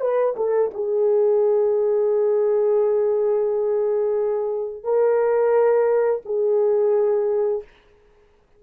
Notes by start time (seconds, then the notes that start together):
0.00 B4
0.36 A4
0.74 G#4
4.83 A#4
6.25 G#4